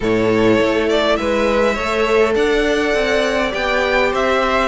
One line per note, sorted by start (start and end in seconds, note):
0.00 0.59 A2
0.00 1.76 E4
0.00 1.17 A4
0.00 0.89 C#5
0.59 1.18 A3
0.89 1.15 D5
1.15 1.78 G#3
1.15 1.74 B4
1.15 2.33 E5
1.74 2.35 A3
1.74 3.51 A4
1.74 2.33 C#5
2.35 2.94 D4
2.35 4.11 D5
2.35 3.53 F#5
2.94 3.52 C4
3.51 4.13 B3
3.51 4.67 G4
3.51 4.12 G5
4.11 4.67 C4
4.11 4.67 C5
4.11 4.67 E5